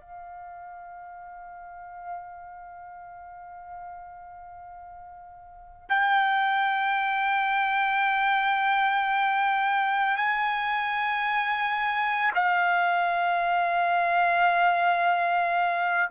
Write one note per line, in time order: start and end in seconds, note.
0.00 5.89 F5
5.89 10.17 G5
10.17 12.31 G#5
12.35 16.10 F5